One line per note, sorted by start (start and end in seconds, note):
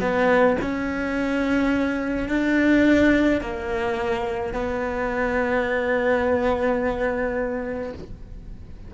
0.00 0.57 B3
0.61 2.28 C#4
2.28 3.41 D4
3.41 4.53 A#3
4.53 7.93 B3